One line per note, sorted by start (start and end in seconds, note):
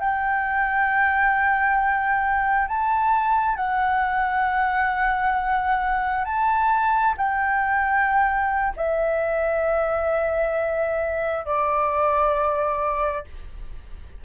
0.00 2.68 G5
2.68 3.56 A5
3.56 6.25 F#5
6.25 7.14 A5
7.17 8.74 G5
8.76 11.45 E5
11.45 13.25 D5